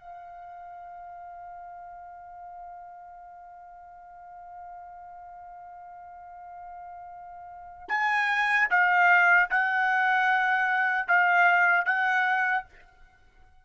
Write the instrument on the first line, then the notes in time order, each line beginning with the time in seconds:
trumpet
0.00 F5
7.89 G#5
8.71 F5
9.51 F#5
11.08 F5
11.86 F#5